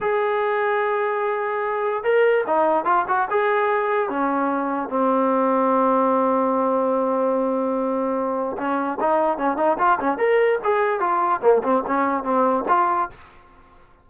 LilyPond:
\new Staff \with { instrumentName = "trombone" } { \time 4/4 \tempo 4 = 147 gis'1~ | gis'4 ais'4 dis'4 f'8 fis'8 | gis'2 cis'2 | c'1~ |
c'1~ | c'4 cis'4 dis'4 cis'8 dis'8 | f'8 cis'8 ais'4 gis'4 f'4 | ais8 c'8 cis'4 c'4 f'4 | }